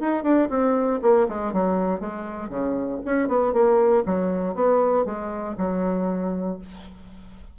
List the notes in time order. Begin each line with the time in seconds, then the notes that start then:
0.00 D#4
0.23 D4
0.50 C4
1.02 A#3
1.28 G#3
1.53 F#3
2.00 G#3
2.49 C#3
3.05 C#4
3.28 B3
3.53 A#3
4.05 F#3
4.55 B3
5.05 G#3
5.58 F#3